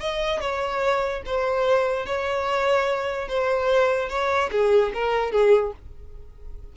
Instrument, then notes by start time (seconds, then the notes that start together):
violin
0.00 D#5
0.41 C#5
1.26 C5
2.06 C#5
3.29 C5
4.09 C#5
4.51 G#4
4.94 A#4
5.31 G#4